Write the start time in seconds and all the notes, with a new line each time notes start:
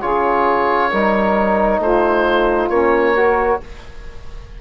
0.00 C#3 F4 G#4 C#5
0.90 G3 D#4 A#4
1.79 A3 F4 C5
2.69 A#3 C#4 C#5
3.15 F#4 A#4